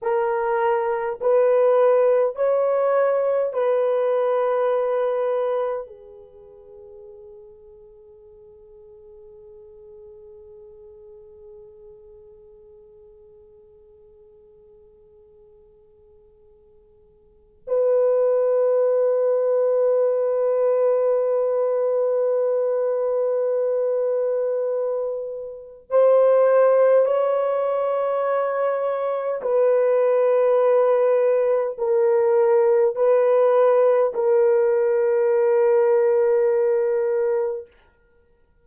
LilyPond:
\new Staff \with { instrumentName = "horn" } { \time 4/4 \tempo 4 = 51 ais'4 b'4 cis''4 b'4~ | b'4 gis'2.~ | gis'1~ | gis'2. b'4~ |
b'1~ | b'2 c''4 cis''4~ | cis''4 b'2 ais'4 | b'4 ais'2. | }